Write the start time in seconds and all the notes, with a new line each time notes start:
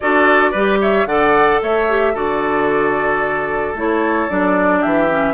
0.00 D4 F#4 A4 D5
0.51 G3 G4 B4
0.80 C#5 E5
1.05 D3 A4 D5 F#5
1.62 A3 C#5 E5
1.88 G4
2.13 D3 F#4 A4 D5
3.74 A3 E4 C#5
4.29 F#3 D4 D5
4.79 E3 G4 E5
5.09 C#4